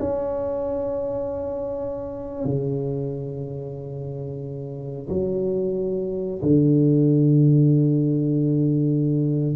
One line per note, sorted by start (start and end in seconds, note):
0.00 2.45 C#4
2.45 5.08 C#3
5.09 6.41 F#3
6.42 9.55 D3